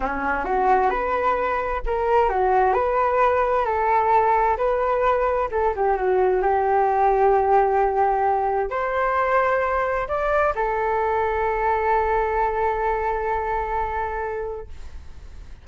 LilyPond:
\new Staff \with { instrumentName = "flute" } { \time 4/4 \tempo 4 = 131 cis'4 fis'4 b'2 | ais'4 fis'4 b'2 | a'2 b'2 | a'8 g'8 fis'4 g'2~ |
g'2. c''4~ | c''2 d''4 a'4~ | a'1~ | a'1 | }